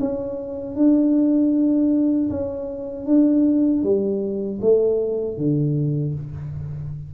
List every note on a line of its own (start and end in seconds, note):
0.00 0.76 C#4
0.76 2.29 D4
2.30 3.06 C#4
3.06 3.83 D4
3.83 4.60 G3
4.61 5.37 A3
5.37 6.14 D3